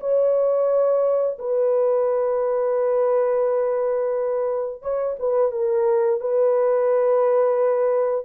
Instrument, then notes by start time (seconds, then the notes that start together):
horn
0.00 C#5
1.39 B4
4.82 C#5
5.19 B4
5.52 A#4
6.21 B4